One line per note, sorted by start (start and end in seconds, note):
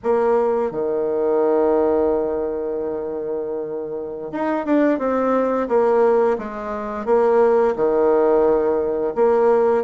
0.03 0.71 A#3
0.71 4.32 D#3
4.32 4.66 D#4
4.66 4.98 D4
4.98 5.67 C4
5.68 6.37 A#3
6.38 7.05 G#3
7.05 7.74 A#3
7.76 9.13 D#3
9.15 9.83 A#3